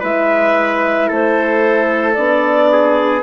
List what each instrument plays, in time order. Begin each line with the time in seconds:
0.00 bassoon G#3, horn E4, trumpet B4, clarinet E5
1.07 bassoon A3, trumpet A4, clarinet C5
2.13 bassoon B3, horn D4, clarinet D5
2.71 trumpet G#4